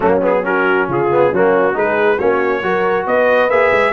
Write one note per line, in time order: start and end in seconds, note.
0.00 0.88 F#3
0.00 0.21 A#3
0.00 0.40 C#4
0.00 0.18 F#4
0.22 0.43 B3
0.22 0.45 G#4
0.43 1.08 C#4
0.43 0.88 F#4
0.43 0.89 A#4
0.88 1.32 C#3
0.88 1.30 F4
0.88 1.34 G#4
1.11 1.33 B3
1.30 1.75 F#3
1.30 1.73 A#3
1.30 1.74 C#4
1.30 1.77 F#4
1.73 2.19 G#3
1.73 2.17 D#4
1.73 2.17 G#4
1.73 2.18 B4
2.17 2.62 A#3
2.17 2.62 C#4
2.17 2.60 F#4
2.17 3.06 C#5
2.62 3.06 F#3
2.62 3.50 F#4
2.62 3.05 A#4
3.05 3.49 B3
3.05 3.92 B4
3.05 3.50 D#5
3.49 3.71 A#3
3.49 3.92 G#4
3.49 3.92 E5
3.72 3.92 G#3